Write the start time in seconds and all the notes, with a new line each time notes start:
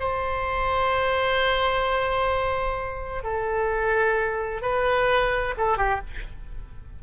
0.00 C5
3.24 A4
4.62 B4
5.58 A4
5.78 G4